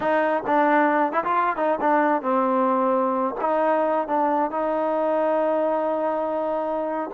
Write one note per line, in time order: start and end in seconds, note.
0.00 0.43 D#4
0.47 1.12 D4
1.12 1.23 E4
1.24 1.56 F4
1.56 1.79 D#4
1.80 2.22 D4
2.22 3.34 C4
3.41 4.07 D#4
4.07 4.51 D4
4.51 7.10 D#4